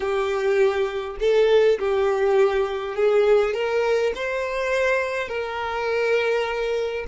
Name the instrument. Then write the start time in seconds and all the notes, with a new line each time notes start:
violin
0.00 G4
1.20 A4
1.79 G4
2.95 G#4
3.53 A#4
4.15 C5
5.28 A#4